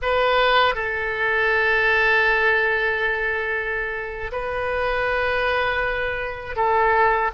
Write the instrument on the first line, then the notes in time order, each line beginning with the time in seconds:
oboe
0.01 B4
0.74 A4
4.32 B4
6.56 A4